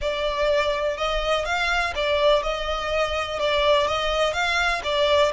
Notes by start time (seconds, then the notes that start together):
0.01 D5
0.97 D#5
1.45 F5
1.95 D5
2.43 D#5
3.39 D5
3.87 D#5
4.33 F5
4.83 D5